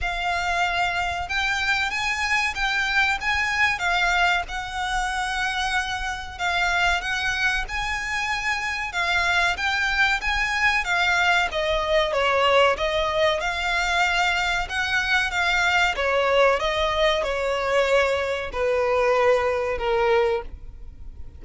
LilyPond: \new Staff \with { instrumentName = "violin" } { \time 4/4 \tempo 4 = 94 f''2 g''4 gis''4 | g''4 gis''4 f''4 fis''4~ | fis''2 f''4 fis''4 | gis''2 f''4 g''4 |
gis''4 f''4 dis''4 cis''4 | dis''4 f''2 fis''4 | f''4 cis''4 dis''4 cis''4~ | cis''4 b'2 ais'4 | }